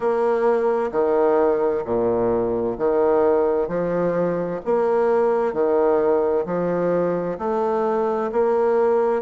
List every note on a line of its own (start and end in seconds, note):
0.00 0.91 A#3
0.91 1.84 D#3
1.85 2.77 A#2
2.77 3.68 D#3
3.68 4.60 F3
4.64 5.53 A#3
5.53 6.45 D#3
6.45 7.38 F3
7.38 8.30 A3
8.32 9.21 A#3